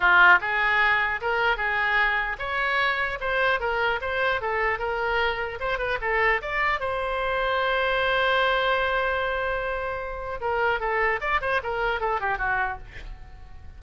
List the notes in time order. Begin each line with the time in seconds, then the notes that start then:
0.00 F4
0.40 G#4
1.21 A#4
1.57 G#4
2.39 C#5
3.20 C5
3.59 A#4
4.01 C5
4.41 A4
4.78 A#4
5.60 C5
5.78 B4
6.01 A4
6.41 D5
6.79 C5
10.40 A#4
10.79 A4
11.20 D5
11.41 C5
11.63 A#4
12.00 A4
12.20 G4
12.37 F#4